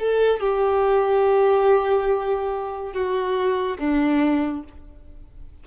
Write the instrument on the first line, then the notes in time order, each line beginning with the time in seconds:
violin
0.00 A4
0.40 G4
2.93 F#4
3.79 D4